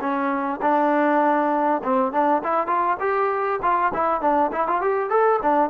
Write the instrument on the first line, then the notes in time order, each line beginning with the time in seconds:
trombone
0.00 C#4
0.61 D4
1.83 C4
2.12 D4
2.43 E4
2.67 F4
2.99 G4
3.62 F4
3.94 E4
4.21 D4
4.52 E4
4.67 F4
4.81 G4
5.09 A4
5.42 D4